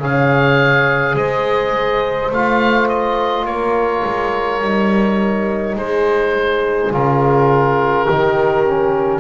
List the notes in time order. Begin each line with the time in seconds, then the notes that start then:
0.00 C#3 G#4 C#5 F5
1.15 G#3 C5 D#5
2.31 A3 F4 F5
2.89 D#5
3.46 A#3 A#4 C#5
4.05 G#3
4.62 G3 D#4
5.76 G#3 G#4 C5
6.92 C#3 F4 A#4
8.05 D#3 D#4 G4
8.67 C#4